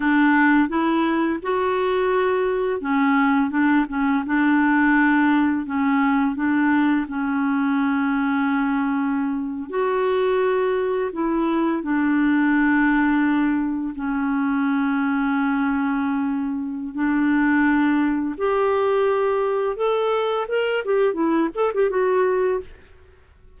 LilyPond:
\new Staff \with { instrumentName = "clarinet" } { \time 4/4 \tempo 4 = 85 d'4 e'4 fis'2 | cis'4 d'8 cis'8 d'2 | cis'4 d'4 cis'2~ | cis'4.~ cis'16 fis'2 e'16~ |
e'8. d'2. cis'16~ | cis'1 | d'2 g'2 | a'4 ais'8 g'8 e'8 a'16 g'16 fis'4 | }